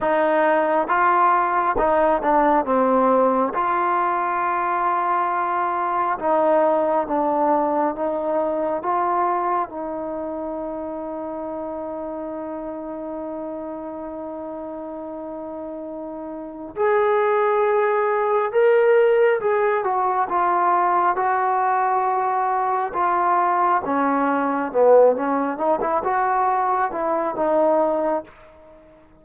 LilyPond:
\new Staff \with { instrumentName = "trombone" } { \time 4/4 \tempo 4 = 68 dis'4 f'4 dis'8 d'8 c'4 | f'2. dis'4 | d'4 dis'4 f'4 dis'4~ | dis'1~ |
dis'2. gis'4~ | gis'4 ais'4 gis'8 fis'8 f'4 | fis'2 f'4 cis'4 | b8 cis'8 dis'16 e'16 fis'4 e'8 dis'4 | }